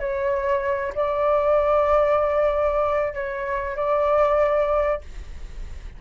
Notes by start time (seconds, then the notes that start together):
0.00 C#5
0.95 D5
3.14 C#5
3.76 D5